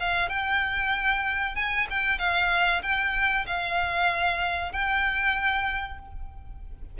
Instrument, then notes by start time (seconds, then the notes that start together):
violin
0.00 F5
0.29 G5
1.55 G#5
1.90 G5
2.19 F5
2.83 G5
3.47 F5
4.72 G5